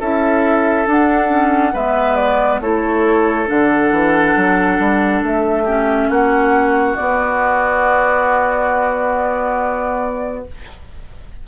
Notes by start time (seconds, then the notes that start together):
0.00 C#4 E4 A4 E5
0.87 D4 F#5
1.29 C#4
1.73 G#3 B3 B4 E5
2.16 D5
2.60 A3 E4 A4 C#5
3.46 D3 D4 F#5
3.91 E3
4.36 F#3
4.79 G3
5.22 A3 E5
5.64 C#4 G4
6.09 A#3 F#4 F#5
6.96 B3 D5